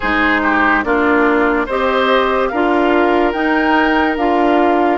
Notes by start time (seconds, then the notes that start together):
0.00 G#3 D#4 G#4 C5
0.42 G4
0.83 A#3 D4 F4 D5
1.66 C4 G4 C5 D#5
2.48 D4 F4 A#4 F5
3.32 D#4 G5
4.16 D4 F4 F5